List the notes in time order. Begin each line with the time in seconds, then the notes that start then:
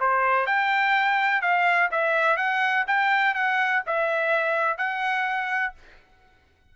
0.00 C5
0.46 G5
1.42 F5
1.91 E5
2.37 F#5
2.87 G5
3.34 F#5
3.86 E5
4.78 F#5